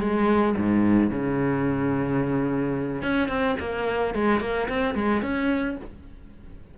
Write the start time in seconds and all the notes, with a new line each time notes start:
0.00 G#3
0.57 G#2
1.11 C#3
3.03 C#4
3.29 C4
3.60 A#3
4.14 G#3
4.40 A#3
4.69 C4
4.95 G#3
5.22 C#4